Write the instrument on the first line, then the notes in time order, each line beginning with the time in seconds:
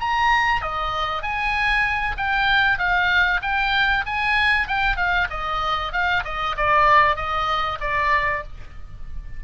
oboe
0.00 A#5
0.62 D#5
1.22 G#5
2.17 G5
2.78 F5
3.42 G5
4.06 G#5
4.68 G5
4.97 F5
5.30 D#5
5.93 F5
6.25 D#5
6.57 D5
7.16 D#5
7.81 D5